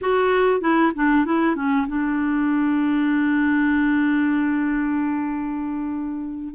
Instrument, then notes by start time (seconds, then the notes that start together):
clarinet
0.01 F#4
0.61 E4
0.95 D4
1.25 E4
1.55 C#4
1.87 D4